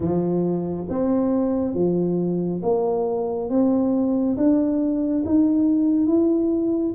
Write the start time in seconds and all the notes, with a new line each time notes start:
0.00 F3
0.89 C4
1.74 F3
2.62 A#3
3.49 C4
4.36 D4
5.25 D#4
6.07 E4